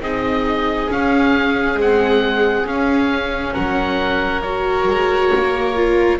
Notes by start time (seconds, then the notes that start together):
0.00 C4 D#4 G#4 D#5
0.88 C#4 F5
1.74 G#3 C4
1.81 F#5
2.65 C#4 F5
3.53 F#3 A#4 F#5
4.41 F#4 C#5
4.87 G#3
5.35 A#3
5.75 F4